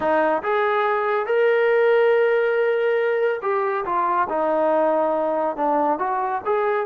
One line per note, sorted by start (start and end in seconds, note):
0.00 0.42 D#4
0.43 1.26 G#4
1.26 3.40 A#4
3.42 3.85 G4
3.85 4.27 F4
4.29 5.56 D#4
5.56 5.98 D4
5.98 6.41 F#4
6.45 6.86 G#4